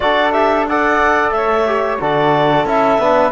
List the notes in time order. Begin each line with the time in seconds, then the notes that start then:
0.00 D4 F#4 A4 D5
0.32 G4 E5
0.68 A4 D5 F#5
1.30 A3 C#5 E5
1.66 G4
2.00 D3 F#4 A4 D5
2.65 C#4 E4 E5
2.98 B3 D4 B4